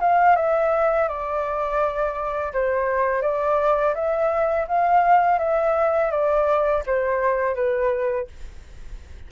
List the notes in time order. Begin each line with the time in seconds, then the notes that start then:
0.00 F5
0.36 E5
1.08 D5
2.53 C5
3.22 D5
3.95 E5
4.68 F5
5.39 E5
6.11 D5
6.86 C5
7.55 B4